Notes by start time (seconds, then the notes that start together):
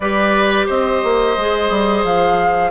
0.00 G3 G4 B4 D5
0.66 C4 C5 D#5
1.03 A#3
1.36 G#3 G#4
1.70 G3
2.04 F3 F5